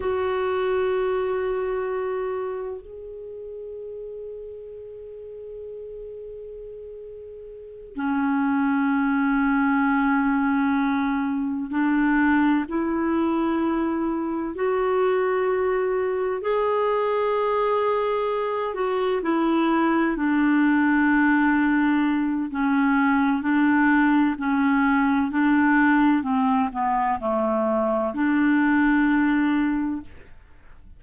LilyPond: \new Staff \with { instrumentName = "clarinet" } { \time 4/4 \tempo 4 = 64 fis'2. gis'4~ | gis'1~ | gis'8 cis'2.~ cis'8~ | cis'8 d'4 e'2 fis'8~ |
fis'4. gis'2~ gis'8 | fis'8 e'4 d'2~ d'8 | cis'4 d'4 cis'4 d'4 | c'8 b8 a4 d'2 | }